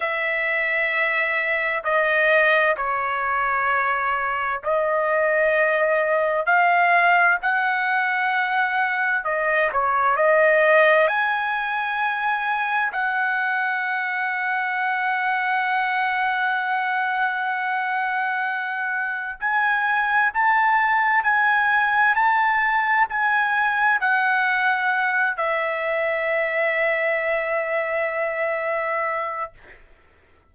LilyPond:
\new Staff \with { instrumentName = "trumpet" } { \time 4/4 \tempo 4 = 65 e''2 dis''4 cis''4~ | cis''4 dis''2 f''4 | fis''2 dis''8 cis''8 dis''4 | gis''2 fis''2~ |
fis''1~ | fis''4 gis''4 a''4 gis''4 | a''4 gis''4 fis''4. e''8~ | e''1 | }